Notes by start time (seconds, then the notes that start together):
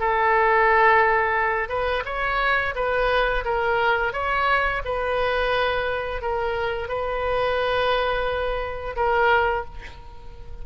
0.00 A4
1.69 B4
2.05 C#5
2.75 B4
3.45 A#4
4.13 C#5
4.85 B4
6.22 A#4
6.89 B4
8.96 A#4